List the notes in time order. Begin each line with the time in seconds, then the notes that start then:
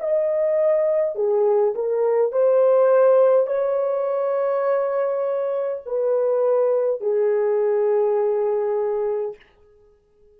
0.00 D#5
1.15 G#4
1.75 A#4
2.32 C5
3.47 C#5
5.86 B4
7.01 G#4